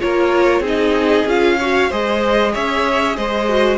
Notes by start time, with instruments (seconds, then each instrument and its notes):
0.00 cello A#3, viola F4, violin A#4 C#5
0.60 cello C4, viola D#4, violin G#4
0.67 violin D#5
1.25 cello C#4, viola F4, violin F5
1.58 viola F#4, violin C#5
1.89 cello G#3, viola G#4, violin C5 D#5
2.52 cello C#4, violin C#5 E5
3.16 cello G#3, violin C5 D#5
3.48 viola F#4